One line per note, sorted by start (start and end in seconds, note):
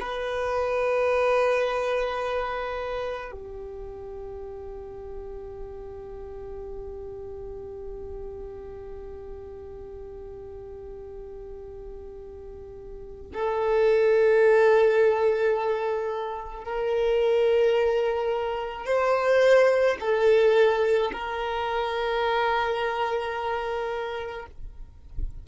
0.00 3.32 B4
3.32 13.32 G4
13.33 16.65 A4
16.65 18.85 A#4
18.85 19.96 C5
20.00 21.11 A4
21.13 24.46 A#4